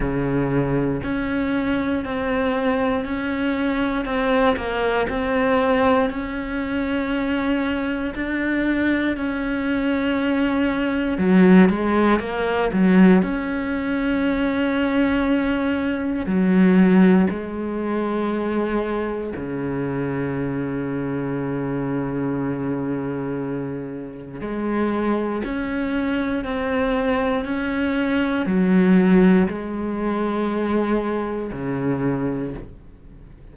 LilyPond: \new Staff \with { instrumentName = "cello" } { \time 4/4 \tempo 4 = 59 cis4 cis'4 c'4 cis'4 | c'8 ais8 c'4 cis'2 | d'4 cis'2 fis8 gis8 | ais8 fis8 cis'2. |
fis4 gis2 cis4~ | cis1 | gis4 cis'4 c'4 cis'4 | fis4 gis2 cis4 | }